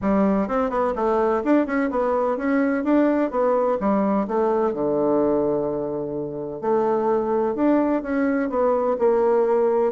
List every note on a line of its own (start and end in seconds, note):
0.01 0.47 G3
0.47 0.70 C4
0.70 0.93 B3
0.95 1.42 A3
1.44 1.66 D4
1.66 1.89 C#4
1.90 2.37 B3
2.37 2.84 C#4
2.84 3.30 D4
3.30 3.78 B3
3.80 4.27 G3
4.27 4.73 A3
4.73 6.61 D3
6.61 7.55 A3
7.55 8.02 D4
8.02 8.49 C#4
8.49 8.96 B3
8.98 9.92 A#3